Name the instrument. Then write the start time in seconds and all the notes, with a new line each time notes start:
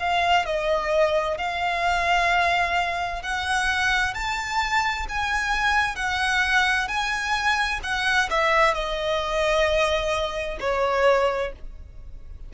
violin
0.00 F5
0.46 D#5
1.38 F5
3.23 F#5
4.15 A5
5.09 G#5
5.96 F#5
6.88 G#5
7.83 F#5
8.30 E5
8.74 D#5
10.60 C#5